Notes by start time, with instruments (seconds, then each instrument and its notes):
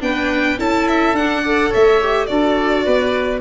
0.00 tuba B3, viola D4, oboe B4, violin G5
0.58 tuba C#4, viola E4, oboe A4, violin A5
0.88 violin E5
1.12 tuba D4, viola D4, violin F#5
1.42 viola A4, oboe D5
1.69 tuba A3, oboe C#5, violin E5
2.01 viola G4
2.26 tuba D4, viola F#4, oboe A4, violin D5
2.85 tuba B3, oboe B4